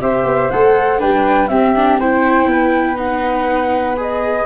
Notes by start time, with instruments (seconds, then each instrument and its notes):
0.00 tuba C4, viola G4, flute C5 E5
0.25 tuba B3
0.50 tuba A3, viola A4, flute F#5
0.98 tuba G3, viola D4, flute B4 G5
1.48 tuba C4, viola C4, flute G4 E5
1.75 viola D4
1.99 viola E4, flute C5 G5
2.47 tuba B3, flute B4
2.96 viola D#4, flute F#5
3.96 viola G#4, flute D#5